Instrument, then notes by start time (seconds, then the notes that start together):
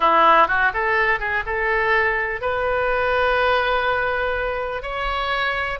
oboe
0.00 E4
0.47 F#4
0.73 A4
1.19 G#4
1.46 A4
2.41 B4
4.82 C#5